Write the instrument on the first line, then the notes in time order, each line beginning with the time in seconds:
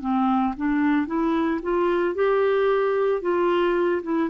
clarinet
0.00 C4
0.56 D4
1.07 E4
1.62 F4
2.15 G4
3.21 F4
4.03 E4